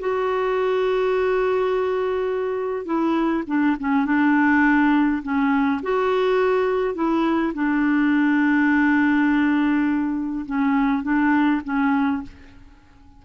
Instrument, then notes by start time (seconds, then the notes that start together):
clarinet
0.00 F#4
2.85 E4
3.47 D4
3.80 C#4
4.06 D4
5.23 C#4
5.83 F#4
6.95 E4
7.54 D4
10.46 C#4
11.03 D4
11.65 C#4